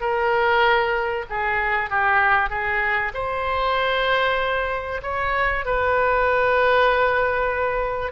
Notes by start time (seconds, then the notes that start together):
0.00 A#4
1.29 G#4
1.90 G4
2.49 G#4
3.14 C5
5.02 C#5
5.65 B4